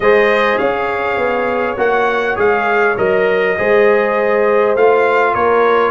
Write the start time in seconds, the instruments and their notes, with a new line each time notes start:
0.00 tuba G#3, trombone G#4, horn C5, trumpet D#5
0.58 tuba C#4, horn C#5, trumpet F5
1.17 tuba B3
1.76 tuba A#3, trombone F#4, trumpet F#5
2.36 tuba G#3, trombone G#4, trumpet F5
2.97 tuba F#3, trombone A#4, trumpet D#5
3.57 tuba G#3, trombone G#4, horn C5
4.75 tuba A3, trombone F4, trumpet F5
5.34 tuba A#3, horn A#4, trumpet C#5